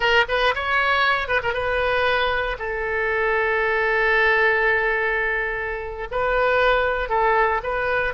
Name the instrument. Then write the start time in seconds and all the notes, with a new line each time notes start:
oboe
0.00 A#4
0.28 B4
0.54 C#5
1.27 B4
1.42 A#4
1.53 B4
2.58 A4
6.11 B4
7.09 A4
7.63 B4